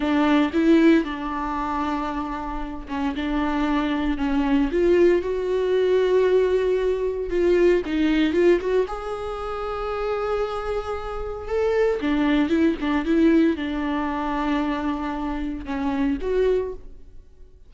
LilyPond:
\new Staff \with { instrumentName = "viola" } { \time 4/4 \tempo 4 = 115 d'4 e'4 d'2~ | d'4. cis'8 d'2 | cis'4 f'4 fis'2~ | fis'2 f'4 dis'4 |
f'8 fis'8 gis'2.~ | gis'2 a'4 d'4 | e'8 d'8 e'4 d'2~ | d'2 cis'4 fis'4 | }